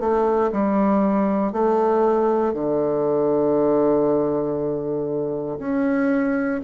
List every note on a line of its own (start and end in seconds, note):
0.00 0.51 A3
0.52 1.53 G3
1.53 2.53 A3
2.53 5.58 D3
5.59 6.61 C#4